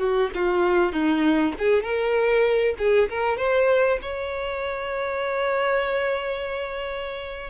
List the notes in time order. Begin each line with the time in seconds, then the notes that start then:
0.00 F#4
0.35 F4
0.93 D#4
1.59 G#4
1.83 A#4
2.79 G#4
3.10 A#4
3.38 C5
4.02 C#5